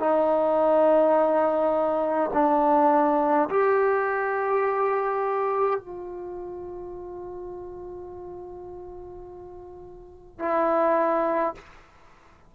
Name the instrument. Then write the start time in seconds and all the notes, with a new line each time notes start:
trombone
0.00 D#4
2.34 D4
3.49 G4
5.80 F4
10.40 E4